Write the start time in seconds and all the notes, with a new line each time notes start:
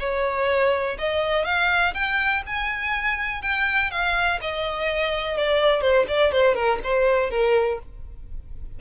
0.00 C#5
0.99 D#5
1.45 F5
1.94 G5
2.47 G#5
3.42 G5
3.91 F5
4.41 D#5
5.38 D5
5.82 C5
6.08 D5
6.32 C5
6.55 A#4
6.84 C5
7.31 A#4